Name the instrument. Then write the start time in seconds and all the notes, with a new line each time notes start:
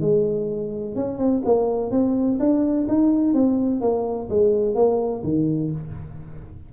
tuba
0.00 G#3
0.95 C#4
1.18 C4
1.45 A#3
1.90 C4
2.39 D4
2.88 D#4
3.33 C4
3.81 A#3
4.29 G#3
4.75 A#3
5.23 D#3